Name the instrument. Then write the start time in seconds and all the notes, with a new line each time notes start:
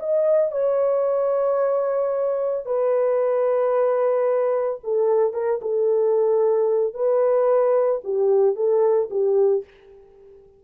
horn
0.00 D#5
0.52 C#5
2.66 B4
4.84 A4
5.34 A#4
5.62 A4
6.94 B4
8.05 G4
8.56 A4
9.11 G4